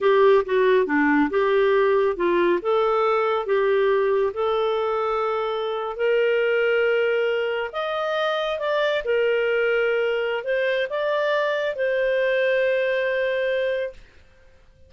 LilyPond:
\new Staff \with { instrumentName = "clarinet" } { \time 4/4 \tempo 4 = 138 g'4 fis'4 d'4 g'4~ | g'4 f'4 a'2 | g'2 a'2~ | a'4.~ a'16 ais'2~ ais'16~ |
ais'4.~ ais'16 dis''2 d''16~ | d''8. ais'2.~ ais'16 | c''4 d''2 c''4~ | c''1 | }